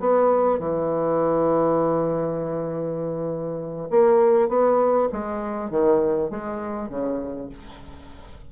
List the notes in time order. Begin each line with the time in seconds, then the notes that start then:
0.00 B3
0.59 E3
3.91 A#3
4.49 B3
5.12 G#3
5.70 D#3
6.31 G#3
6.89 C#3